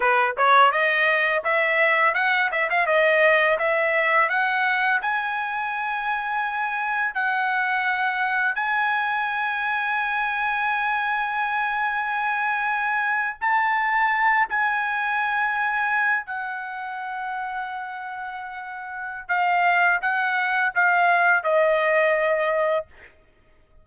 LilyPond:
\new Staff \with { instrumentName = "trumpet" } { \time 4/4 \tempo 4 = 84 b'8 cis''8 dis''4 e''4 fis''8 e''16 f''16 | dis''4 e''4 fis''4 gis''4~ | gis''2 fis''2 | gis''1~ |
gis''2~ gis''8. a''4~ a''16~ | a''16 gis''2~ gis''8 fis''4~ fis''16~ | fis''2. f''4 | fis''4 f''4 dis''2 | }